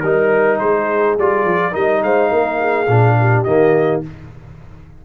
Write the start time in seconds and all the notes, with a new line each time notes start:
0.00 G3 D#4 A#4
0.59 G#3 G#4 C5
1.18 G3 F4 D5
1.44 F3
1.72 G3 D#4 A#4 D#5
2.03 G#3 C5 F5
2.30 A#3 A#4
2.60 G#4
2.88 A#2 D4
3.20 G4
3.44 D#3 A#3 D#5